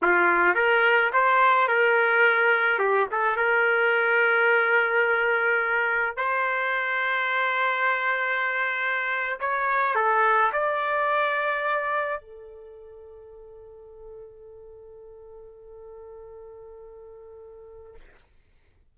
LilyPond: \new Staff \with { instrumentName = "trumpet" } { \time 4/4 \tempo 4 = 107 f'4 ais'4 c''4 ais'4~ | ais'4 g'8 a'8 ais'2~ | ais'2. c''4~ | c''1~ |
c''8. cis''4 a'4 d''4~ d''16~ | d''4.~ d''16 a'2~ a'16~ | a'1~ | a'1 | }